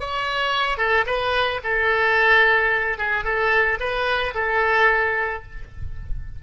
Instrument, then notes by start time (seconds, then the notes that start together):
oboe
0.00 C#5
0.78 A4
1.06 B4
1.64 A4
2.98 G#4
3.24 A4
3.80 B4
4.35 A4